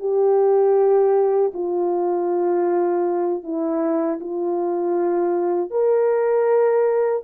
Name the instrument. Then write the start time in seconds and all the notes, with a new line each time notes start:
horn
0.00 G4
1.54 F4
3.44 E4
4.20 F4
5.71 A#4